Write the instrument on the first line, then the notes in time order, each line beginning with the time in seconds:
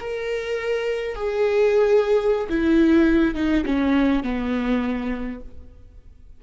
viola
0.00 A#4
1.15 G#4
2.49 E4
3.35 D#4
3.65 C#4
4.23 B3